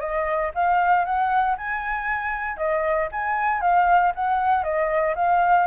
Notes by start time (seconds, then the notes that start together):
0.00 D#5
0.55 F5
1.05 F#5
1.57 G#5
2.57 D#5
3.12 G#5
3.61 F5
4.15 F#5
4.63 D#5
5.15 F5